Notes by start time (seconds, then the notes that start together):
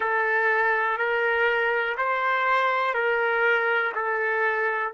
0.00 A4
0.97 A#4
1.97 C5
2.94 A#4
3.94 A4